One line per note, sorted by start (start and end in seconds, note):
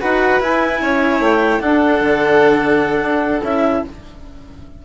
0.00 0.40 D#4
0.00 0.40 F#4
0.00 0.81 B4
0.00 0.40 F#5
0.40 1.59 E4
0.40 0.80 E4
0.40 1.22 G#5
0.80 1.19 C#4
0.80 1.61 C#5
1.19 1.59 A3
1.19 1.60 G5
1.59 3.40 D4
1.59 2.00 D4
1.59 3.83 A4
1.59 3.42 F#5
2.00 3.00 D3
3.00 3.41 D4
3.42 3.83 C#4
3.42 3.84 E4
3.42 3.84 E5